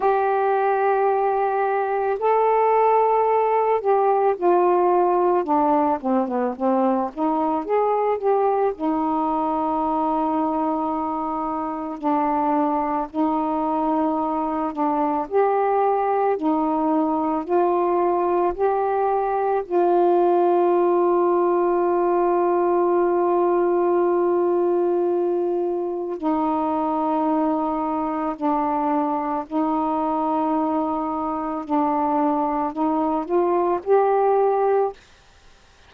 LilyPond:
\new Staff \with { instrumentName = "saxophone" } { \time 4/4 \tempo 4 = 55 g'2 a'4. g'8 | f'4 d'8 c'16 b16 c'8 dis'8 gis'8 g'8 | dis'2. d'4 | dis'4. d'8 g'4 dis'4 |
f'4 g'4 f'2~ | f'1 | dis'2 d'4 dis'4~ | dis'4 d'4 dis'8 f'8 g'4 | }